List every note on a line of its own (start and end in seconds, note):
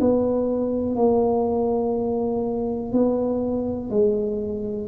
0.00 0.96 B3
0.96 2.92 A#3
2.92 3.90 B3
3.90 4.88 G#3